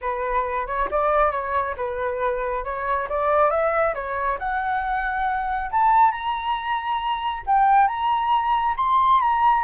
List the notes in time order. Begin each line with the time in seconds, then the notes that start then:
0.01 B4
0.66 C#5
0.91 D5
1.31 C#5
1.77 B4
2.64 C#5
3.09 D5
3.50 E5
3.94 C#5
4.39 F#5
5.71 A5
6.11 A#5
7.46 G5
7.87 A#5
8.77 C6
9.20 A#5